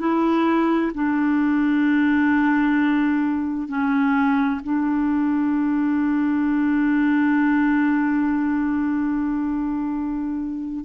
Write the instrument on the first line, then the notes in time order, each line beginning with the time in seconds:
clarinet
0.00 E4
0.95 D4
3.69 C#4
4.64 D4